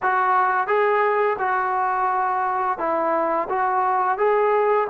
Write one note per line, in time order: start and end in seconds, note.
0.02 0.67 F#4
0.67 1.36 G#4
1.38 2.78 F#4
2.78 3.48 E4
3.49 4.17 F#4
4.17 4.87 G#4